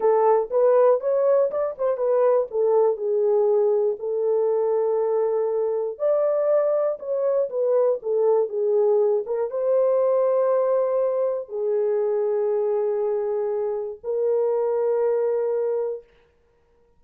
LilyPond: \new Staff \with { instrumentName = "horn" } { \time 4/4 \tempo 4 = 120 a'4 b'4 cis''4 d''8 c''8 | b'4 a'4 gis'2 | a'1 | d''2 cis''4 b'4 |
a'4 gis'4. ais'8 c''4~ | c''2. gis'4~ | gis'1 | ais'1 | }